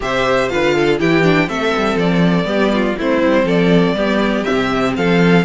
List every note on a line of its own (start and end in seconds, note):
0.00 0.50 C3
0.00 0.49 G4
0.00 0.51 C5
0.00 0.48 E5
0.48 1.00 D3
0.48 0.99 F4
0.48 0.74 B4
0.48 0.98 F5
0.74 0.99 A4
0.99 1.48 E3
0.99 1.22 E4
0.99 1.48 G4
0.99 1.49 G5
1.22 1.47 D4
1.47 1.73 A3
1.47 2.45 C4
1.47 2.47 A4
1.47 1.98 E5
1.77 1.95 G3
1.95 2.44 F3
1.95 2.98 D5
2.44 2.94 G3
2.44 2.94 B3
2.44 2.72 G4
2.73 2.97 F4
2.97 3.23 A3
2.97 3.96 C4
2.97 3.45 E4
2.97 3.48 C5
3.23 3.43 G3
3.43 3.93 F3
3.43 3.94 A4
3.43 4.44 D5
3.94 4.44 G3
3.94 4.44 B3
3.94 4.95 G4
4.44 4.97 C3
4.44 5.43 C4
4.44 4.93 E5
4.96 5.45 F3
4.96 5.45 A4
4.96 5.45 F5